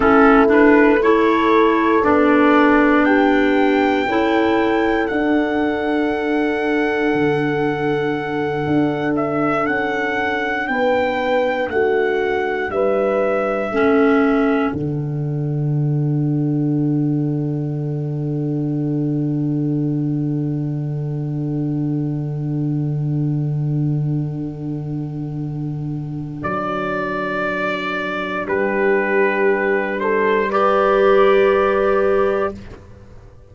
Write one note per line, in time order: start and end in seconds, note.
0.00 2.02 A3
0.00 0.47 C#4
0.00 1.02 E4
0.00 0.47 A4
0.47 0.98 D4
0.47 1.02 B4
1.02 2.02 E4
1.02 3.06 A4
1.02 2.04 C#5
2.02 4.06 B3
2.02 4.06 D4
2.02 3.04 D5
3.04 4.07 G4
3.04 5.07 G5
4.07 5.08 C#4
4.07 5.09 E4
4.07 10.69 A4
5.07 13.73 D4
5.07 7.13 D4
5.07 9.14 F#5
7.13 8.66 D3
8.66 9.67 D4
9.15 9.66 E5
9.66 10.68 C#4
9.66 10.67 F#5
10.67 11.68 B3
10.67 11.72 B4
10.67 11.69 G5
11.68 12.69 A3
11.68 12.73 F#4
11.68 12.71 F#5
12.69 13.70 G3
12.69 13.73 B4
12.69 14.74 E5
13.70 14.72 A3
13.70 14.74 C#4
13.70 28.47 A4
14.73 26.42 D3
14.73 30.51 D4
14.73 26.43 F#5
26.43 28.46 F#3
26.43 28.46 D5
28.46 32.53 G3
28.46 30.00 G4
28.46 30.00 B4
30.00 30.50 A4
30.00 30.50 C5
30.50 32.54 G4
30.50 32.53 B4
30.50 32.54 D5